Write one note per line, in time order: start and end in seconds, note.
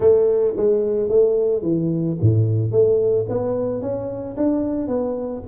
0.00 0.54 A3
0.56 1.08 G#3
1.08 1.62 A3
1.62 2.17 E3
2.21 2.71 A2
2.71 3.26 A3
3.28 3.81 B3
3.81 4.36 C#4
4.36 4.87 D4
4.87 5.42 B3